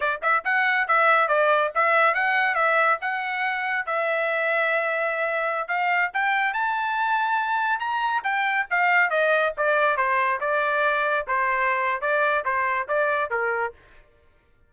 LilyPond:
\new Staff \with { instrumentName = "trumpet" } { \time 4/4 \tempo 4 = 140 d''8 e''8 fis''4 e''4 d''4 | e''4 fis''4 e''4 fis''4~ | fis''4 e''2.~ | e''4~ e''16 f''4 g''4 a''8.~ |
a''2~ a''16 ais''4 g''8.~ | g''16 f''4 dis''4 d''4 c''8.~ | c''16 d''2 c''4.~ c''16 | d''4 c''4 d''4 ais'4 | }